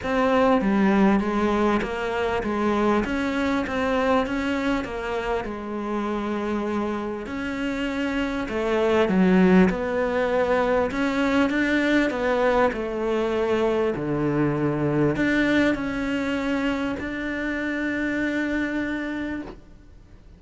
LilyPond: \new Staff \with { instrumentName = "cello" } { \time 4/4 \tempo 4 = 99 c'4 g4 gis4 ais4 | gis4 cis'4 c'4 cis'4 | ais4 gis2. | cis'2 a4 fis4 |
b2 cis'4 d'4 | b4 a2 d4~ | d4 d'4 cis'2 | d'1 | }